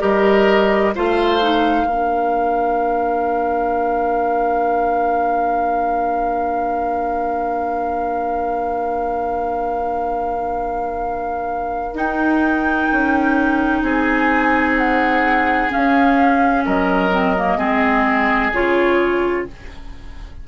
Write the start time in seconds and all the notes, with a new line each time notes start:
0.00 G3 G4 A#4 D#5
0.95 A3 F4 C5 F5
1.41 D#4
1.87 A#3 D4 A#4
11.93 D#4 G5
12.92 C#4
13.82 C4 G#4 G#5
14.78 F#5
15.70 C#4 F5
16.65 F#3 A#4 D#5
17.12 C4
17.38 A#3
17.58 G#3 C4 G#4
18.54 C#3 F4 C#5